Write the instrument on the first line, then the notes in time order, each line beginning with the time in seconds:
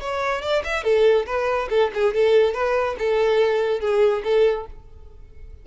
violin
0.00 C#5
0.42 D5
0.64 E5
0.83 A4
1.26 B4
1.70 A4
1.94 G#4
2.14 A4
2.54 B4
2.99 A4
3.80 G#4
4.24 A4